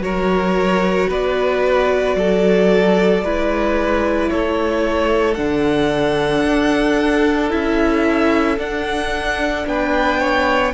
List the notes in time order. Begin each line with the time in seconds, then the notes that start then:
0.00 F#3 F#4 A#4 C#5
1.09 B3 B4 D5
2.15 F#3 A4
3.22 G#3 E4 B4
4.29 A3 A4 C#5
5.34 D3 D4 F#5
6.44 D4
7.50 C#4 E4 E5
8.58 D4 F#5
9.66 B3 B4 G5
10.19 C#5